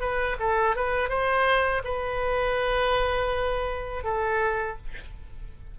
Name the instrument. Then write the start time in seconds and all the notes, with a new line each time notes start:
oboe
0.00 B4
0.39 A4
0.75 B4
1.09 C5
1.84 B4
4.04 A4